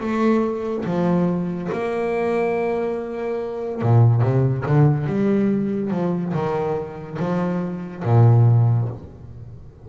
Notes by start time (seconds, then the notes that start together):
0.00 A3
0.85 F3
1.72 A#3
3.81 A#2
4.21 C3
4.66 D3
5.06 G3
5.90 F3
6.33 D#3
7.19 F3
8.04 A#2